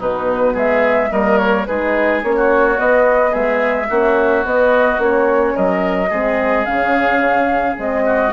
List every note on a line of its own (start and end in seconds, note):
0.00 0.55 B2
0.00 1.12 B3
0.00 0.54 D#4
0.00 0.57 B4
0.54 1.11 G#3
0.54 1.10 G#4
0.54 1.12 E5
1.12 1.67 G3
1.12 1.67 A#3
1.12 1.68 A#4
1.12 1.38 D#5
1.38 1.66 C#5
1.67 2.23 G#3
1.67 2.23 D#4
1.67 2.36 G#4
1.67 2.22 B4
2.23 2.79 A#3
2.23 2.76 C#4
2.23 2.79 C#5
2.36 3.31 F#4
2.76 3.87 B3
2.76 3.35 B3
2.76 3.34 D#5
3.31 3.90 G#3
3.31 3.87 G#4
3.31 4.46 E5
3.90 4.45 A#3
3.90 4.47 C#4
3.90 5.55 F#4
4.45 4.98 B3
4.45 5.02 D#5
4.98 5.54 A#3
4.98 6.09 C#4
4.98 5.57 C#5
5.55 6.11 F#3
5.55 6.10 A#4
5.55 6.66 D#5
6.10 6.67 G#3
6.10 6.66 C4
6.10 8.04 G#4
6.66 7.78 C#3
6.66 7.78 C#4
6.66 7.77 F5
7.78 8.33 G#3
7.78 8.33 C4
7.78 8.33 D#5
8.06 8.33 F#4